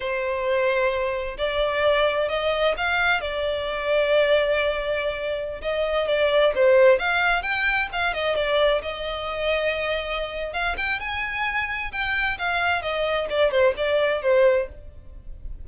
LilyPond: \new Staff \with { instrumentName = "violin" } { \time 4/4 \tempo 4 = 131 c''2. d''4~ | d''4 dis''4 f''4 d''4~ | d''1~ | d''16 dis''4 d''4 c''4 f''8.~ |
f''16 g''4 f''8 dis''8 d''4 dis''8.~ | dis''2. f''8 g''8 | gis''2 g''4 f''4 | dis''4 d''8 c''8 d''4 c''4 | }